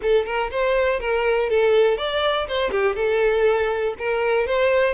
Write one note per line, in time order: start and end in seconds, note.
0.01 0.25 A4
0.25 0.50 A#4
0.51 1.00 C5
1.00 1.49 A#4
1.49 1.97 A4
1.97 2.47 D5
2.47 2.70 C5
2.70 2.95 G4
2.95 3.94 A4
3.98 4.47 A#4
4.47 4.93 C5